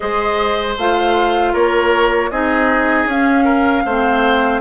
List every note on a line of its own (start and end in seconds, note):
0.00 0.77 G#3
0.00 0.77 G#4
0.00 1.52 C5
0.00 0.75 D#5
0.77 1.54 A3
0.77 2.32 F4
0.77 1.54 F5
1.52 2.30 A#3
1.52 2.29 A#4
1.52 2.30 C#5
2.30 3.05 C4
2.30 3.09 D#4
2.30 3.44 G#4
2.30 3.07 D#5
3.05 3.82 C#4
3.05 3.86 C#4
3.05 4.61 F5
3.44 3.82 A#4
3.85 4.61 A3
3.85 4.61 C4
3.85 4.61 C5